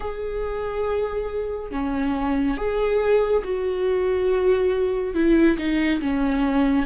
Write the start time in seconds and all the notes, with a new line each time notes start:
0.00 G#4
1.71 C#4
2.57 G#4
3.44 F#4
5.14 E4
5.57 D#4
6.00 C#4